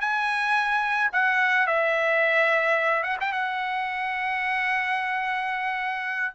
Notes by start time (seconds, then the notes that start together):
0.00 G#5
1.12 F#5
1.67 E5
3.03 F#5
3.20 G5
3.32 F#5